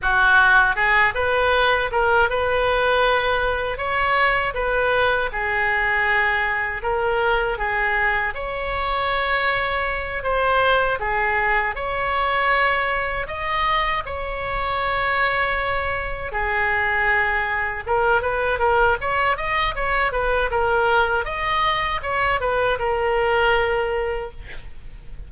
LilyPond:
\new Staff \with { instrumentName = "oboe" } { \time 4/4 \tempo 4 = 79 fis'4 gis'8 b'4 ais'8 b'4~ | b'4 cis''4 b'4 gis'4~ | gis'4 ais'4 gis'4 cis''4~ | cis''4. c''4 gis'4 cis''8~ |
cis''4. dis''4 cis''4.~ | cis''4. gis'2 ais'8 | b'8 ais'8 cis''8 dis''8 cis''8 b'8 ais'4 | dis''4 cis''8 b'8 ais'2 | }